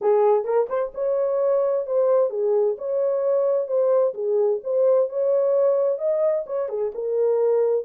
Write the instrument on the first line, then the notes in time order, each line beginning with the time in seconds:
horn
0.01 G#4
0.44 A#4
0.69 C5
0.94 C#5
1.86 C5
2.30 G#4
2.78 C#5
3.67 C5
4.14 G#4
4.63 C5
5.09 C#5
5.98 D#5
6.46 C#5
6.68 G#4
6.94 A#4